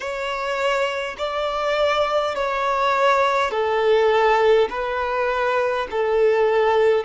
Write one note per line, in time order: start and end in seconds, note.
0.00 1.16 C#5
1.18 2.35 D5
2.35 3.50 C#5
3.50 4.68 A4
4.69 5.87 B4
5.90 7.04 A4